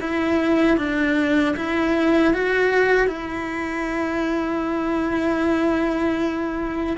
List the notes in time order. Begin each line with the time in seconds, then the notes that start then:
0.00 E4
0.77 D4
1.56 E4
2.34 F#4
3.07 E4